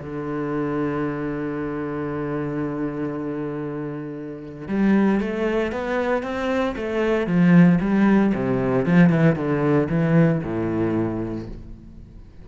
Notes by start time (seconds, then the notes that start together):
0.00 D3
4.69 G3
5.21 A3
5.72 B3
6.23 C4
6.77 A3
7.27 F3
7.81 G3
8.35 C3
8.86 F3
9.10 E3
9.36 D3
9.90 E3
10.44 A2